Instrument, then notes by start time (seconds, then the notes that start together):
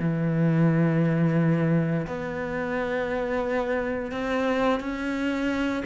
cello
0.00 E3
2.08 B3
4.12 C4
4.81 C#4